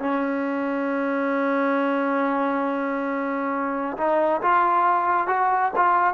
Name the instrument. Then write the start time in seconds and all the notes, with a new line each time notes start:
trombone
0.00 C#4
3.97 D#4
4.42 F4
5.27 F#4
5.76 F4